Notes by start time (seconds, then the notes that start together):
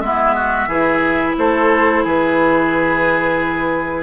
0.00 G#3 B3 E4 E5
0.35 F#4
0.67 E3 E4 G#4
1.38 A3 A4 C5
2.04 E3 G#4 B4